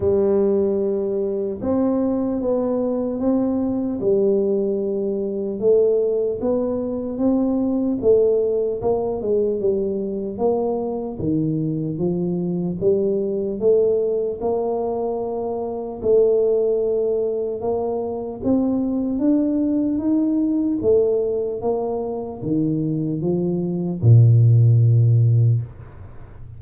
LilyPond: \new Staff \with { instrumentName = "tuba" } { \time 4/4 \tempo 4 = 75 g2 c'4 b4 | c'4 g2 a4 | b4 c'4 a4 ais8 gis8 | g4 ais4 dis4 f4 |
g4 a4 ais2 | a2 ais4 c'4 | d'4 dis'4 a4 ais4 | dis4 f4 ais,2 | }